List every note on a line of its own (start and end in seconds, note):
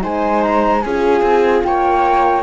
0.00 0.85 G#3
0.00 0.81 D#4
0.00 0.84 C5
0.00 0.42 G#5
0.42 0.81 A#5
0.81 1.22 C#4
0.81 2.43 F4
0.81 1.65 G#4
0.81 1.62 G#5
1.22 1.62 C4
1.64 2.43 A#3
1.64 2.43 C#5
1.64 2.43 G5